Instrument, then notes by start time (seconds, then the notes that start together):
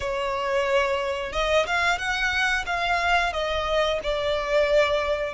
violin
0.00 C#5
1.32 D#5
1.66 F5
1.98 F#5
2.65 F5
3.32 D#5
4.03 D5